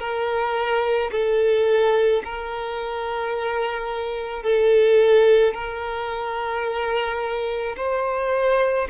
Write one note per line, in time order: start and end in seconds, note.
0.00 1.11 A#4
1.12 2.23 A4
2.25 4.43 A#4
4.43 5.54 A4
5.54 7.76 A#4
7.77 8.88 C5